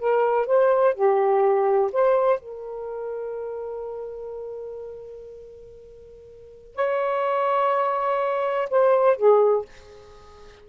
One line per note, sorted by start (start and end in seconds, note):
0.00 0.47 A#4
0.47 0.95 C5
0.95 1.91 G4
1.93 2.40 C5
2.40 6.75 A#4
6.75 8.69 C#5
8.70 9.17 C5
9.17 9.66 G#4